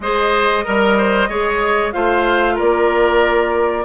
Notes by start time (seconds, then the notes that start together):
0.00 G#3 G#4 C5 D#5
0.64 G3 A#4
0.97 C5
1.29 G#3 G#4 C#5
1.92 A3 F4 C5 F5
2.54 A#3 A#4 D5